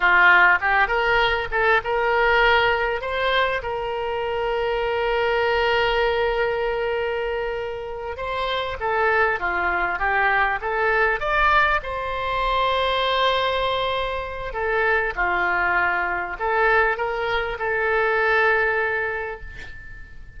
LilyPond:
\new Staff \with { instrumentName = "oboe" } { \time 4/4 \tempo 4 = 99 f'4 g'8 ais'4 a'8 ais'4~ | ais'4 c''4 ais'2~ | ais'1~ | ais'4. c''4 a'4 f'8~ |
f'8 g'4 a'4 d''4 c''8~ | c''1 | a'4 f'2 a'4 | ais'4 a'2. | }